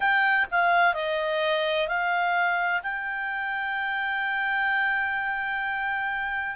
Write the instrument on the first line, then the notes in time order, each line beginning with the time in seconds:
clarinet
0.00 G5
0.51 F5
0.94 D#5
1.87 F5
2.82 G5